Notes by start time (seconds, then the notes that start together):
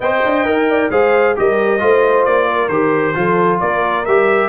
0.00 C4 C5 D#5 G5
0.25 D4
0.44 D#4 A#4
0.69 D5
0.90 G#3 G#4 C5 F5
1.35 G3 G4 A#4 D#5
1.79 A3 F4 C5
2.24 A#3 D5
2.48 A#4
2.68 D#3 G4 C5
3.14 F3 F4 A4
3.59 A#3 A#4 D5
4.05 G3 G4 E5